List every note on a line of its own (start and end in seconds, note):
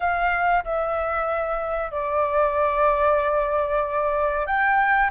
0.00 0.64 F5
0.64 1.91 E5
1.91 4.46 D5
4.46 5.10 G5